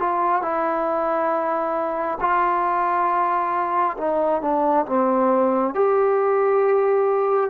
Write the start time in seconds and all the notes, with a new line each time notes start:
0.00 F4
0.42 E4
2.21 F4
3.97 D#4
4.42 D4
4.86 C4
5.75 G4